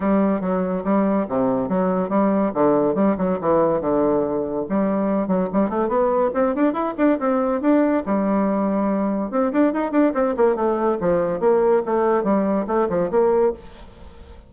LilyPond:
\new Staff \with { instrumentName = "bassoon" } { \time 4/4 \tempo 4 = 142 g4 fis4 g4 c4 | fis4 g4 d4 g8 fis8 | e4 d2 g4~ | g8 fis8 g8 a8 b4 c'8 d'8 |
e'8 d'8 c'4 d'4 g4~ | g2 c'8 d'8 dis'8 d'8 | c'8 ais8 a4 f4 ais4 | a4 g4 a8 f8 ais4 | }